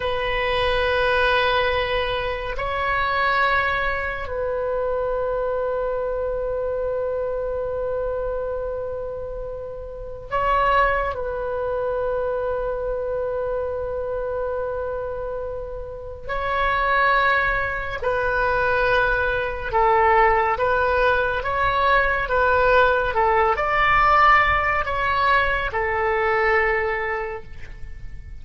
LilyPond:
\new Staff \with { instrumentName = "oboe" } { \time 4/4 \tempo 4 = 70 b'2. cis''4~ | cis''4 b'2.~ | b'1 | cis''4 b'2.~ |
b'2. cis''4~ | cis''4 b'2 a'4 | b'4 cis''4 b'4 a'8 d''8~ | d''4 cis''4 a'2 | }